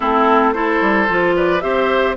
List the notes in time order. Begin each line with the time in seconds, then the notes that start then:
0.00 A3 C4 E4 A4
0.53 E4 A4 C5
0.81 G3
1.08 F3 F4
1.35 B4 D5
1.60 C4 G4 C5 E5